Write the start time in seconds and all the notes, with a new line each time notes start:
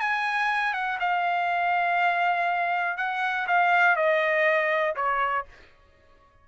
0.00 G#5
0.73 F#5
1.00 F5
2.97 F#5
3.47 F5
3.96 D#5
4.95 C#5